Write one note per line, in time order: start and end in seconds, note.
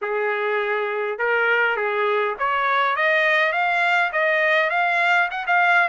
0.01 1.18 G#4
1.18 1.76 A#4
1.76 2.35 G#4
2.39 2.96 C#5
2.96 3.52 D#5
3.52 4.11 F5
4.12 4.70 D#5
4.70 5.28 F5
5.30 5.45 F#5
5.47 5.88 F5